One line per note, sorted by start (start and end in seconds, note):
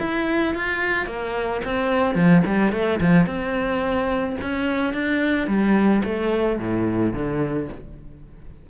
0.00 0.55 E4
0.55 1.07 F4
1.07 1.62 A#3
1.65 2.15 C4
2.15 2.43 F3
2.46 2.72 G3
2.72 3.00 A3
3.01 3.27 F3
3.27 4.37 C4
4.42 4.94 C#4
4.94 5.48 D4
5.48 6.03 G3
6.05 6.60 A3
6.60 7.14 A2
7.14 7.69 D3